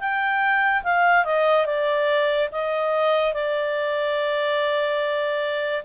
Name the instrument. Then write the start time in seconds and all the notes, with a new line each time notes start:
clarinet
0.00 G5
0.84 F5
1.25 D#5
1.66 D5
2.52 D#5
3.33 D5